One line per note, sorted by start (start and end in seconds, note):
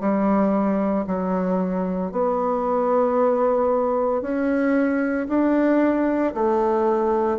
0.00 1.05 G3
1.07 2.11 F#3
2.11 4.22 B3
4.22 5.27 C#4
5.28 6.33 D4
6.34 7.38 A3